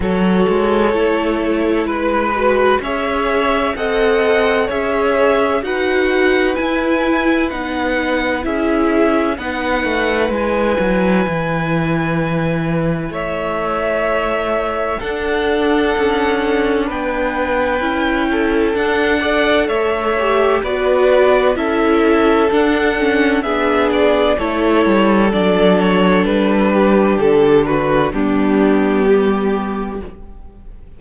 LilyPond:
<<
  \new Staff \with { instrumentName = "violin" } { \time 4/4 \tempo 4 = 64 cis''2 b'4 e''4 | fis''4 e''4 fis''4 gis''4 | fis''4 e''4 fis''4 gis''4~ | gis''2 e''2 |
fis''2 g''2 | fis''4 e''4 d''4 e''4 | fis''4 e''8 d''8 cis''4 d''8 cis''8 | b'4 a'8 b'8 g'2 | }
  \new Staff \with { instrumentName = "violin" } { \time 4/4 a'2 b'4 cis''4 | dis''4 cis''4 b'2~ | b'4 gis'4 b'2~ | b'2 cis''2 |
a'2 b'4. a'8~ | a'8 d''8 cis''4 b'4 a'4~ | a'4 gis'4 a'2~ | a'8 g'4 fis'8 d'4 g'4 | }
  \new Staff \with { instrumentName = "viola" } { \time 4/4 fis'4 e'4. fis'8 gis'4 | a'4 gis'4 fis'4 e'4 | dis'4 e'4 dis'4 e'4~ | e'1 |
d'2. e'4 | d'8 a'4 g'8 fis'4 e'4 | d'8 cis'8 d'4 e'4 d'4~ | d'2 b2 | }
  \new Staff \with { instrumentName = "cello" } { \time 4/4 fis8 gis8 a4 gis4 cis'4 | c'4 cis'4 dis'4 e'4 | b4 cis'4 b8 a8 gis8 fis8 | e2 a2 |
d'4 cis'4 b4 cis'4 | d'4 a4 b4 cis'4 | d'4 b4 a8 g8 fis4 | g4 d4 g2 | }
>>